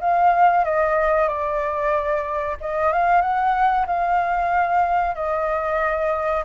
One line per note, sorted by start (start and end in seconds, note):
0.00 0.65 F5
0.65 1.28 D#5
1.28 2.57 D5
2.60 2.92 D#5
2.92 3.21 F5
3.21 3.86 F#5
3.87 5.15 F5
5.15 6.44 D#5